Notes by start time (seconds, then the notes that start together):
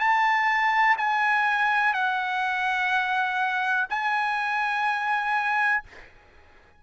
0.00 A5
0.98 G#5
1.94 F#5
3.90 G#5